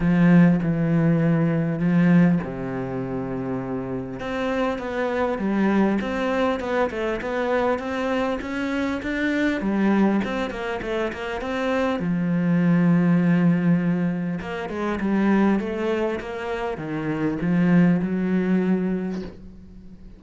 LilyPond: \new Staff \with { instrumentName = "cello" } { \time 4/4 \tempo 4 = 100 f4 e2 f4 | c2. c'4 | b4 g4 c'4 b8 a8 | b4 c'4 cis'4 d'4 |
g4 c'8 ais8 a8 ais8 c'4 | f1 | ais8 gis8 g4 a4 ais4 | dis4 f4 fis2 | }